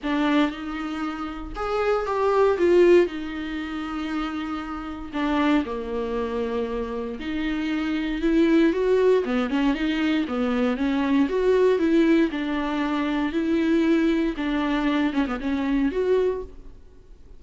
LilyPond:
\new Staff \with { instrumentName = "viola" } { \time 4/4 \tempo 4 = 117 d'4 dis'2 gis'4 | g'4 f'4 dis'2~ | dis'2 d'4 ais4~ | ais2 dis'2 |
e'4 fis'4 b8 cis'8 dis'4 | b4 cis'4 fis'4 e'4 | d'2 e'2 | d'4. cis'16 b16 cis'4 fis'4 | }